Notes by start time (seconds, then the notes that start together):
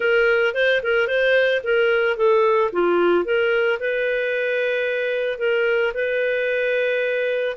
0.00 A#4
0.54 C5
0.83 A#4
1.07 C5
1.63 A#4
2.16 A4
2.72 F4
3.24 A#4
3.79 B4
5.38 A#4
5.94 B4